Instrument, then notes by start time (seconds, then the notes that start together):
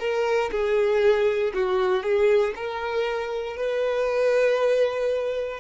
violin
0.00 A#4
0.52 G#4
1.54 F#4
2.03 G#4
2.56 A#4
3.57 B4